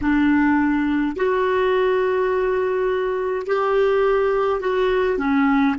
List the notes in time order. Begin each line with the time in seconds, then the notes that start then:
0.01 D4
1.16 F#4
3.46 G4
4.60 F#4
5.18 C#4